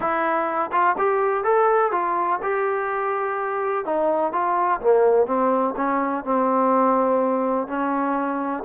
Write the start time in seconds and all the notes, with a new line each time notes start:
0.00 E4
0.72 F4
0.98 G4
1.44 A4
1.91 F4
2.42 G4
3.85 D#4
4.32 F4
4.80 A#3
5.26 C4
5.76 C#4
6.24 C4
7.67 C#4